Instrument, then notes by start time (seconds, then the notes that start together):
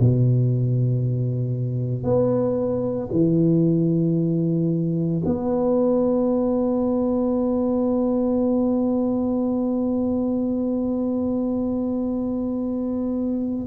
tuba
0.00 B2
2.03 B3
3.11 E3
5.25 B3